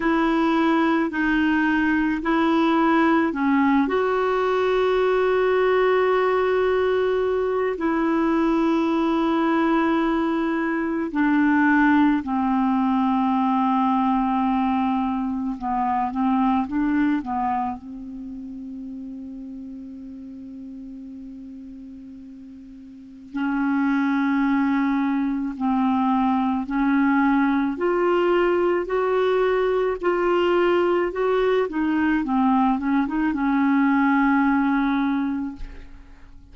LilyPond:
\new Staff \with { instrumentName = "clarinet" } { \time 4/4 \tempo 4 = 54 e'4 dis'4 e'4 cis'8 fis'8~ | fis'2. e'4~ | e'2 d'4 c'4~ | c'2 b8 c'8 d'8 b8 |
c'1~ | c'4 cis'2 c'4 | cis'4 f'4 fis'4 f'4 | fis'8 dis'8 c'8 cis'16 dis'16 cis'2 | }